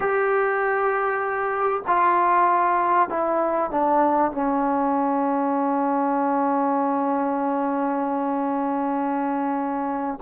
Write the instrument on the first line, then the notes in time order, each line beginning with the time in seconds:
trombone
0.00 G4
1.87 F4
3.09 E4
3.70 D4
4.31 C#4